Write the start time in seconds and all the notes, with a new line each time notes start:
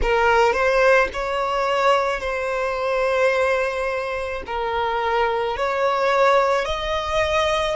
0.02 A#4
0.53 C5
1.13 C#5
2.20 C5
4.46 A#4
5.56 C#5
6.65 D#5